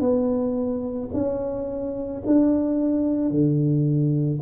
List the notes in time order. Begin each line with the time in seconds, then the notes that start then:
0.00 B3
1.13 C#4
2.26 D4
3.31 D3